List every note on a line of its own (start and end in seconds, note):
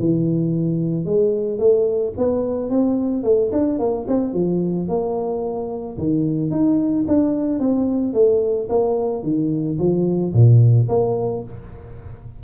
0.00 1.05 E3
1.05 1.59 G#3
1.59 2.14 A3
2.18 2.70 B3
2.70 3.24 C4
3.24 3.51 A3
3.53 3.80 D4
3.80 4.07 A#3
4.08 4.34 C4
4.34 4.88 F3
4.89 5.98 A#3
5.98 6.51 D#3
6.51 7.06 D#4
7.08 7.60 D4
7.60 8.14 C4
8.14 8.69 A3
8.70 9.24 A#3
9.24 9.78 D#3
9.79 10.34 F3
10.34 10.88 A#2
10.89 11.44 A#3